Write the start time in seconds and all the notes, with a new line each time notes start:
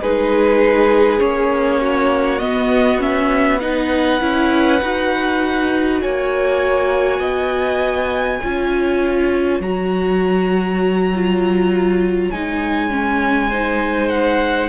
0.00 G#3 D#4 G#4 B4
1.18 A#3 C#4 C#5
1.80 F#4
2.39 B3 D#5
2.99 C#4 E5
3.59 D#4 B4 F#5
4.20 C#4 E4
4.82 D#4 F#4
6.01 A#3 C#5 G#5
7.19 B3 D#5
8.39 C#4 F4 C#5
9.60 F#3 F#4 A#5
11.14 F4
12.31 G#3 D#4 G#5
12.89 C#4
13.49 D#4 C5
14.09 F#5